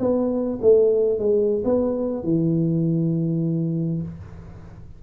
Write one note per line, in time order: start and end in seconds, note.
0.00 0.59 B3
0.62 1.19 A3
1.19 1.64 G#3
1.65 2.24 B3
2.24 4.02 E3